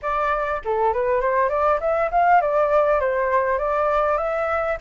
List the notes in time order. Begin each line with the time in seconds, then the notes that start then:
0.02 D5
0.64 A4
0.93 B4
1.20 C5
1.49 D5
1.80 E5
2.11 F5
2.41 D5
3.00 C5
3.58 D5
4.17 E5